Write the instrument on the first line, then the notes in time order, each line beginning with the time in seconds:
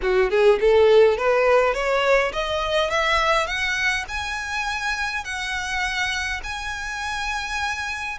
violin
0.02 F#4
0.30 G#4
0.60 A4
1.17 B4
1.73 C#5
2.32 D#5
2.90 E5
3.46 F#5
4.08 G#5
5.24 F#5
6.43 G#5